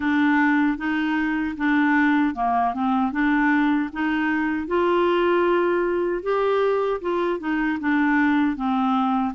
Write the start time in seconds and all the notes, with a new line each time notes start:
0.00 D4
0.77 D#4
1.57 D4
2.34 A#3
2.74 C4
3.12 D4
3.92 D#4
4.67 F4
6.22 G4
7.01 F4
7.39 D#4
7.80 D4
8.56 C4